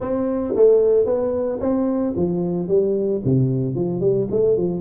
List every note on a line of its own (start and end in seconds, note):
0.00 0.54 C4
0.55 1.05 A3
1.05 1.59 B3
1.60 2.13 C4
2.16 2.68 F3
2.68 3.21 G3
3.24 3.75 C3
3.75 4.00 F3
4.00 4.27 G3
4.30 4.57 A3
4.57 4.80 F3